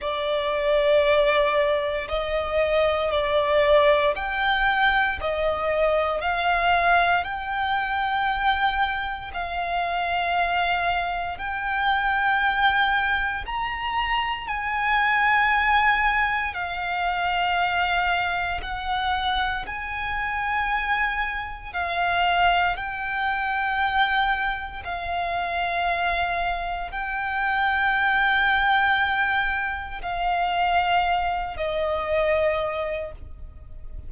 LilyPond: \new Staff \with { instrumentName = "violin" } { \time 4/4 \tempo 4 = 58 d''2 dis''4 d''4 | g''4 dis''4 f''4 g''4~ | g''4 f''2 g''4~ | g''4 ais''4 gis''2 |
f''2 fis''4 gis''4~ | gis''4 f''4 g''2 | f''2 g''2~ | g''4 f''4. dis''4. | }